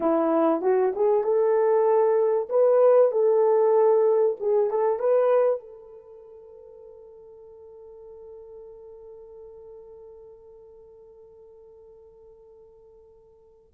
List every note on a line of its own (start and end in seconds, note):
0.00 0.61 E4
0.61 0.93 F#4
0.95 1.23 G#4
1.23 2.48 A4
2.49 3.11 B4
3.11 4.36 A4
4.39 4.70 G#4
4.70 4.99 A4
4.99 5.59 B4
5.59 13.72 A4